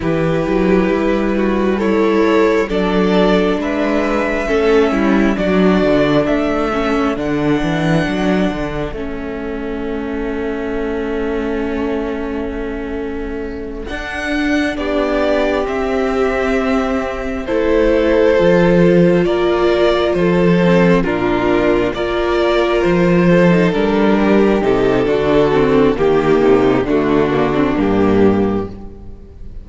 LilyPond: <<
  \new Staff \with { instrumentName = "violin" } { \time 4/4 \tempo 4 = 67 b'2 cis''4 d''4 | e''2 d''4 e''4 | fis''2 e''2~ | e''2.~ e''8 fis''8~ |
fis''8 d''4 e''2 c''8~ | c''4. d''4 c''4 ais'8~ | ais'8 d''4 c''4 ais'4 a'8~ | a'4 g'4 fis'4 g'4 | }
  \new Staff \with { instrumentName = "violin" } { \time 4/4 g'4. fis'8 e'4 a'4 | b'4 a'8 e'8 fis'4 a'4~ | a'1~ | a'1~ |
a'8 g'2. a'8~ | a'4. ais'4 a'4 f'8~ | f'8 ais'4. a'4 g'4 | fis'4 g'8 dis'8 d'2 | }
  \new Staff \with { instrumentName = "viola" } { \time 4/4 e'2 a'4 d'4~ | d'4 cis'4 d'4. cis'8 | d'2 cis'2~ | cis'2.~ cis'8 d'8~ |
d'4. c'2 e'8~ | e'8 f'2~ f'8 c'8 d'8~ | d'8 f'4.~ f'16 dis'16 d'4 dis'8 | d'8 c'8 ais4 a8 ais16 c'16 ais4 | }
  \new Staff \with { instrumentName = "cello" } { \time 4/4 e8 fis8 g2 fis4 | gis4 a8 g8 fis8 d8 a4 | d8 e8 fis8 d8 a2~ | a2.~ a8 d'8~ |
d'8 b4 c'2 a8~ | a8 f4 ais4 f4 ais,8~ | ais,8 ais4 f4 g4 c8 | d4 dis8 c8 d4 g,4 | }
>>